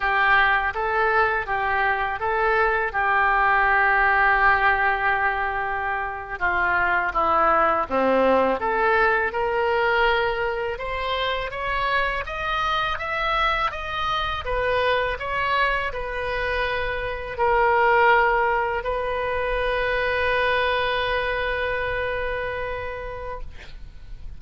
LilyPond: \new Staff \with { instrumentName = "oboe" } { \time 4/4 \tempo 4 = 82 g'4 a'4 g'4 a'4 | g'1~ | g'8. f'4 e'4 c'4 a'16~ | a'8. ais'2 c''4 cis''16~ |
cis''8. dis''4 e''4 dis''4 b'16~ | b'8. cis''4 b'2 ais'16~ | ais'4.~ ais'16 b'2~ b'16~ | b'1 | }